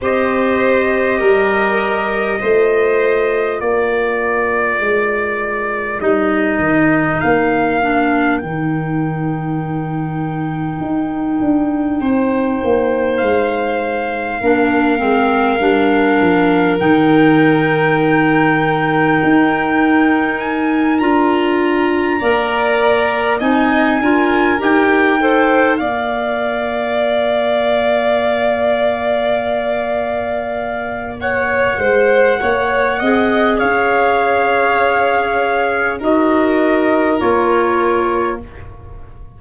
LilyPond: <<
  \new Staff \with { instrumentName = "trumpet" } { \time 4/4 \tempo 4 = 50 dis''2. d''4~ | d''4 dis''4 f''4 g''4~ | g''2. f''4~ | f''2 g''2~ |
g''4 gis''8 ais''2 gis''8~ | gis''8 g''4 f''2~ f''8~ | f''2 fis''2 | f''2 dis''4 cis''4 | }
  \new Staff \with { instrumentName = "violin" } { \time 4/4 c''4 ais'4 c''4 ais'4~ | ais'1~ | ais'2 c''2 | ais'1~ |
ais'2~ ais'8 d''4 dis''8 | ais'4 c''8 d''2~ d''8~ | d''2 cis''8 c''8 cis''8 dis''8 | cis''2 ais'2 | }
  \new Staff \with { instrumentName = "clarinet" } { \time 4/4 g'2 f'2~ | f'4 dis'4. d'8 dis'4~ | dis'1 | d'8 c'8 d'4 dis'2~ |
dis'4. f'4 ais'4 dis'8 | f'8 g'8 a'8 ais'2~ ais'8~ | ais'2.~ ais'8 gis'8~ | gis'2 fis'4 f'4 | }
  \new Staff \with { instrumentName = "tuba" } { \time 4/4 c'4 g4 a4 ais4 | gis4 g8 dis8 ais4 dis4~ | dis4 dis'8 d'8 c'8 ais8 gis4 | ais8 gis8 g8 f8 dis2 |
dis'4. d'4 ais4 c'8 | d'8 dis'4 ais2~ ais8~ | ais2~ ais8 gis8 ais8 c'8 | cis'2 dis'4 ais4 | }
>>